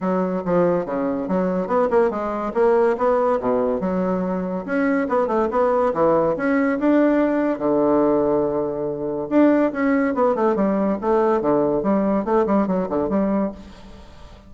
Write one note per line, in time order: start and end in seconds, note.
0.00 0.43 F#3
0.45 0.85 F3
0.85 1.28 C#3
1.28 1.67 F#3
1.67 1.88 B3
1.90 2.10 A#3
2.10 2.52 G#3
2.54 2.96 A#3
2.97 3.39 B3
3.39 3.80 B2
3.80 4.65 F#3
4.65 5.07 C#4
5.08 5.27 B3
5.27 5.48 A3
5.50 5.93 B3
5.93 6.35 E3
6.36 6.79 C#4
6.79 7.58 D4
7.58 9.27 D3
9.29 9.71 D4
9.72 10.14 C#4
10.14 10.35 B3
10.35 10.55 A3
10.55 10.97 G3
11.01 11.41 A3
11.41 11.83 D3
11.83 12.24 G3
12.24 12.46 A3
12.46 12.67 G3
12.67 12.88 F#3
12.89 13.09 D3
13.09 13.51 G3